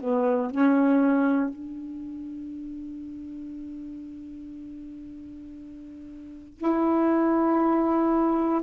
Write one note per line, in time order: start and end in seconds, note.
0.00 0.51 B3
0.51 1.50 C#4
1.50 6.58 D4
6.58 8.61 E4